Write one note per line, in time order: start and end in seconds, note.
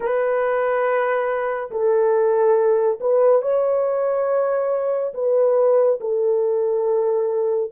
0.00 1.70 B4
1.70 2.99 A4
3.00 3.42 B4
3.42 5.13 C#5
5.14 5.99 B4
6.00 7.71 A4